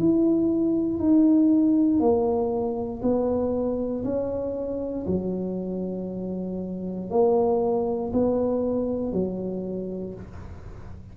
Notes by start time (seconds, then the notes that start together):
0.00 E4
0.99 D#4
2.00 A#3
3.03 B3
4.04 C#4
5.07 F#3
7.10 A#3
8.13 B3
9.13 F#3